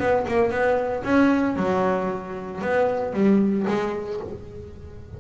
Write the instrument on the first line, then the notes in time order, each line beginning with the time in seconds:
double bass
0.00 B3
0.28 A#3
0.51 B3
1.04 C#4
1.57 F#3
2.62 B3
3.14 G3
3.68 G#3